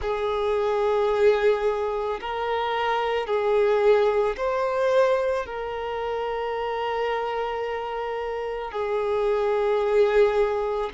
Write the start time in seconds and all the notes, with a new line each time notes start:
0.01 G#4
2.21 A#4
3.27 G#4
4.36 C5
5.45 A#4
8.71 G#4